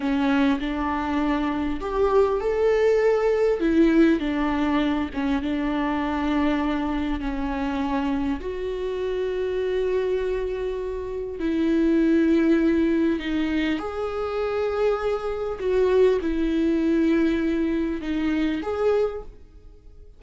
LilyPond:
\new Staff \with { instrumentName = "viola" } { \time 4/4 \tempo 4 = 100 cis'4 d'2 g'4 | a'2 e'4 d'4~ | d'8 cis'8 d'2. | cis'2 fis'2~ |
fis'2. e'4~ | e'2 dis'4 gis'4~ | gis'2 fis'4 e'4~ | e'2 dis'4 gis'4 | }